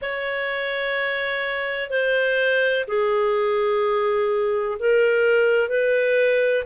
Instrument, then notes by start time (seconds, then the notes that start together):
clarinet
0.01 C#5
1.90 C5
2.87 G#4
4.79 A#4
5.68 B4